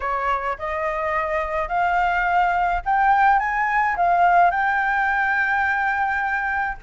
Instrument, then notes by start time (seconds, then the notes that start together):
flute
0.00 C#5
0.58 D#5
1.68 F5
2.85 G5
3.39 G#5
3.96 F5
4.50 G5